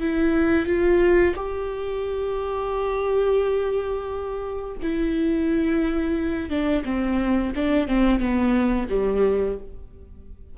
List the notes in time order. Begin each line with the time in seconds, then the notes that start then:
0.00 E4
0.66 F4
1.35 G4
4.82 E4
6.50 D4
6.85 C4
7.55 D4
7.88 C4
8.19 B3
8.89 G3